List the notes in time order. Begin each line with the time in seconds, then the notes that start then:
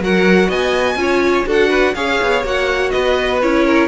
0.00 F#3 F#4 A#4 F#5
0.48 B3 D#5 G#5
0.96 C#4 F4 C#5
1.46 D4 F#4 A4 F#5
1.70 B4
1.95 C#4 G#4 C#5 F5
2.22 B3
2.44 A#3 F#4 F#5
2.91 B3 B4 D#5
3.41 C#4 E4 C#5
3.65 A#4